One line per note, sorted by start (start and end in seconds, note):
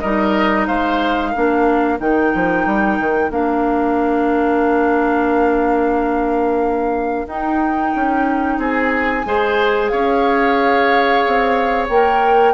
0.00 0.68 G3
0.00 1.34 D#4
0.00 0.67 A#4
0.00 0.66 D#5
0.67 1.34 G#3
0.67 1.31 C5
0.67 1.99 F5
1.31 1.99 A#3
1.31 1.99 D4
1.31 8.56 A#4
1.99 2.32 D#3
1.99 3.30 D#4
1.99 3.32 G5
2.35 2.66 F3
2.66 2.99 G3
2.99 3.30 D#3
3.30 7.26 A#3
3.30 7.26 D4
3.30 7.28 F5
7.26 7.92 D#4
7.26 9.25 D#4
7.26 8.60 G5
7.95 8.58 C#4
8.58 9.24 C4
8.58 9.25 G#4
8.58 9.89 G#5
9.25 9.91 G#3
9.25 11.88 G#4
9.25 9.91 C5
9.89 11.24 C#4
9.89 12.54 C#5
9.89 11.86 F5
11.27 11.89 C4
11.88 12.54 A#3
11.88 12.54 A#4
11.88 12.54 G5